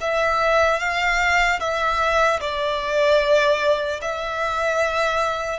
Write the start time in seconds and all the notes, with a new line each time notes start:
0.00 E5
0.79 F5
1.60 E5
2.40 D5
4.01 E5